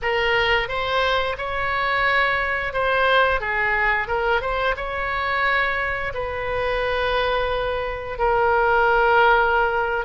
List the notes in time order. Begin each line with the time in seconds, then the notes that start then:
0.02 A#4
0.68 C5
1.37 C#5
2.73 C5
3.40 G#4
4.07 A#4
4.41 C5
4.76 C#5
6.14 B4
8.18 A#4